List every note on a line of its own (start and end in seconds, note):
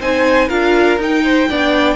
0.00 0.49 C4
0.00 0.50 D#4
0.00 0.48 C5
0.00 0.50 G#5
0.48 0.98 D4
0.48 0.99 F4
0.48 1.22 A#4
0.48 0.99 F5
0.98 1.47 D#4
0.98 1.50 D#4
0.98 1.96 G5
1.25 1.49 C5
1.50 1.96 B3
1.50 1.96 D4
1.50 1.96 D5